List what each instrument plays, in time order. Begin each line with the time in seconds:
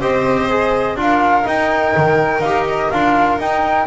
0.00 double bass C4, trombone G4, violin C5, flute D#5
0.49 trombone G#4
0.96 double bass D4, trombone F4, flute F5
1.02 violin A#4
1.43 trombone D#4, double bass D#4, flute G5
1.97 double bass D#3
2.40 double bass D#4, trombone G4, flute F5
2.68 flute D#5
2.91 double bass D4, trombone F4, flute F5
3.38 double bass D#4, trombone D#4, flute G5